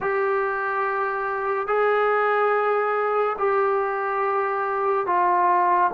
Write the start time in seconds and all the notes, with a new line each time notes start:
0.00 G4
1.67 G#4
3.38 G4
5.06 F4